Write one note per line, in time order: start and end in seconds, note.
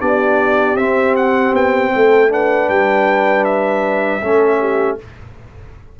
0.00 0.75 B3
0.00 0.77 D4
0.00 1.92 G4
0.00 0.76 D5
0.75 1.52 C4
0.75 2.29 C4
0.75 1.15 E5
1.16 1.55 F#5
1.53 1.92 B3
1.53 2.32 G5
1.95 2.69 A3
1.95 2.32 A4
2.29 4.21 D4
2.29 4.23 B4
2.29 2.70 F#5
2.69 4.23 G3
2.69 3.45 G5
3.45 4.98 E5
4.22 5.00 A3
4.22 4.99 C#4
4.22 4.60 A4
4.60 4.98 G4